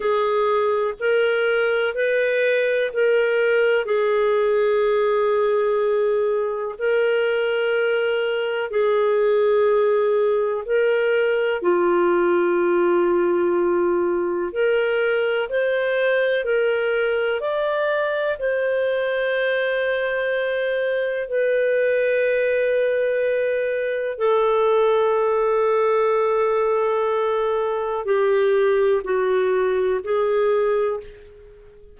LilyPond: \new Staff \with { instrumentName = "clarinet" } { \time 4/4 \tempo 4 = 62 gis'4 ais'4 b'4 ais'4 | gis'2. ais'4~ | ais'4 gis'2 ais'4 | f'2. ais'4 |
c''4 ais'4 d''4 c''4~ | c''2 b'2~ | b'4 a'2.~ | a'4 g'4 fis'4 gis'4 | }